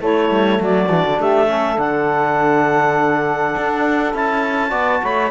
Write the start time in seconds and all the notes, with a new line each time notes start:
0.00 A3 E4 C#5
0.30 G3
0.60 F#3 F#4 D5
0.89 E3 D4
1.06 D3
1.19 A3 G4 E5
1.47 C#4 A4
1.77 D3 D4 F#5
3.57 D4
4.14 C#4 E4 A5
4.70 B3 F#4 D5
5.02 A3 C#5 B5